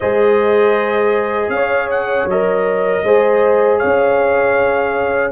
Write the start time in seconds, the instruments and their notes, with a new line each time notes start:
0.00 tuba G#3, trombone G#4, horn C5, trumpet D#5
1.48 tuba C#4, horn C#5, trumpet F5
1.90 trumpet F#5
2.25 tuba F#3, trombone A#4, trumpet D#5
3.03 tuba G#3, trombone G#4, horn C5
3.78 tuba C#4, horn C#5, trumpet F5